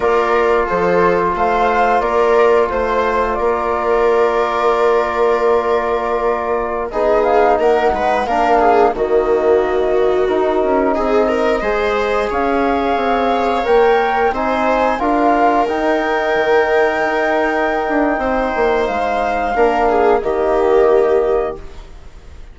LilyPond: <<
  \new Staff \with { instrumentName = "flute" } { \time 4/4 \tempo 4 = 89 d''4 c''4 f''4 d''4 | c''4 d''2.~ | d''2~ d''16 dis''8 f''8 fis''8.~ | fis''16 f''4 dis''2 ais'8.~ |
ais'16 dis''2 f''4.~ f''16~ | f''16 g''4 gis''4 f''4 g''8.~ | g''1 | f''2 dis''2 | }
  \new Staff \with { instrumentName = "viola" } { \time 4/4 ais'4 a'4 c''4 ais'4 | c''4 ais'2.~ | ais'2~ ais'16 gis'4 ais'8 b'16~ | b'16 ais'8 gis'8 fis'2~ fis'8.~ |
fis'16 gis'8 ais'8 c''4 cis''4.~ cis''16~ | cis''4~ cis''16 c''4 ais'4.~ ais'16~ | ais'2. c''4~ | c''4 ais'8 gis'8 g'2 | }
  \new Staff \with { instrumentName = "trombone" } { \time 4/4 f'1~ | f'1~ | f'2~ f'16 dis'4.~ dis'16~ | dis'16 d'4 ais2 dis'8.~ |
dis'4~ dis'16 gis'2~ gis'8.~ | gis'16 ais'4 dis'4 f'4 dis'8.~ | dis'1~ | dis'4 d'4 ais2 | }
  \new Staff \with { instrumentName = "bassoon" } { \time 4/4 ais4 f4 a4 ais4 | a4 ais2.~ | ais2~ ais16 b4 ais8 gis16~ | gis16 ais4 dis2 dis'8 cis'16~ |
cis'16 c'4 gis4 cis'4 c'8.~ | c'16 ais4 c'4 d'4 dis'8.~ | dis'16 dis4 dis'4~ dis'16 d'8 c'8 ais8 | gis4 ais4 dis2 | }
>>